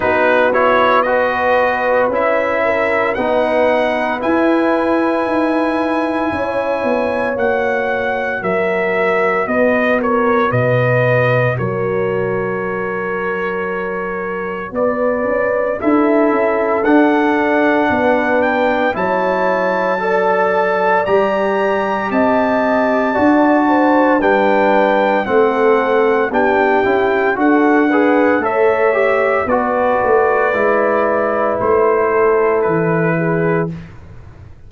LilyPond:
<<
  \new Staff \with { instrumentName = "trumpet" } { \time 4/4 \tempo 4 = 57 b'8 cis''8 dis''4 e''4 fis''4 | gis''2. fis''4 | e''4 dis''8 cis''8 dis''4 cis''4~ | cis''2 d''4 e''4 |
fis''4. g''8 a''2 | ais''4 a''2 g''4 | fis''4 g''4 fis''4 e''4 | d''2 c''4 b'4 | }
  \new Staff \with { instrumentName = "horn" } { \time 4/4 fis'4 b'4. ais'8 b'4~ | b'2 cis''2 | ais'4 b'8 ais'8 b'4 ais'4~ | ais'2 b'4 a'4~ |
a'4 b'4 cis''4 d''4~ | d''4 dis''4 d''8 c''8 b'4 | a'4 g'4 a'8 b'8 cis''4 | b'2~ b'8 a'4 gis'8 | }
  \new Staff \with { instrumentName = "trombone" } { \time 4/4 dis'8 e'8 fis'4 e'4 dis'4 | e'2. fis'4~ | fis'1~ | fis'2. e'4 |
d'2 e'4 a'4 | g'2 fis'4 d'4 | c'4 d'8 e'8 fis'8 gis'8 a'8 g'8 | fis'4 e'2. | }
  \new Staff \with { instrumentName = "tuba" } { \time 4/4 b2 cis'4 b4 | e'4 dis'4 cis'8 b8 ais4 | fis4 b4 b,4 fis4~ | fis2 b8 cis'8 d'8 cis'8 |
d'4 b4 fis2 | g4 c'4 d'4 g4 | a4 b8 cis'8 d'4 a4 | b8 a8 gis4 a4 e4 | }
>>